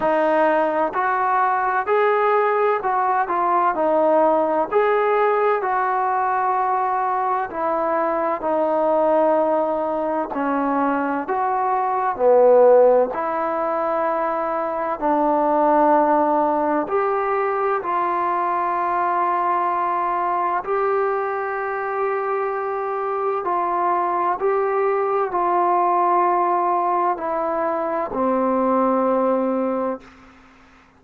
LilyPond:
\new Staff \with { instrumentName = "trombone" } { \time 4/4 \tempo 4 = 64 dis'4 fis'4 gis'4 fis'8 f'8 | dis'4 gis'4 fis'2 | e'4 dis'2 cis'4 | fis'4 b4 e'2 |
d'2 g'4 f'4~ | f'2 g'2~ | g'4 f'4 g'4 f'4~ | f'4 e'4 c'2 | }